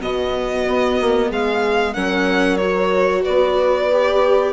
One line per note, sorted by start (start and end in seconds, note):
0.00 0.66 B2
0.00 1.94 B3
0.00 1.28 F#4
0.00 1.31 D#5
0.68 1.00 B3
1.01 1.31 A#3
1.28 1.96 G#3
1.28 1.92 G#4
1.28 1.94 F5
1.94 3.25 F#3
1.94 2.59 C#4
1.94 3.23 A#4
1.94 2.57 F#5
2.57 3.90 F#4
2.57 3.22 C#5
3.23 4.53 B3
3.23 4.52 B4
3.23 4.53 D5
3.92 4.53 G4